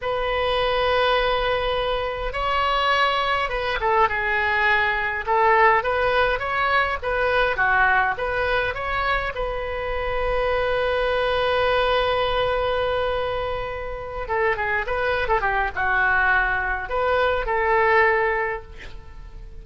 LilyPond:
\new Staff \with { instrumentName = "oboe" } { \time 4/4 \tempo 4 = 103 b'1 | cis''2 b'8 a'8 gis'4~ | gis'4 a'4 b'4 cis''4 | b'4 fis'4 b'4 cis''4 |
b'1~ | b'1~ | b'8 a'8 gis'8 b'8. a'16 g'8 fis'4~ | fis'4 b'4 a'2 | }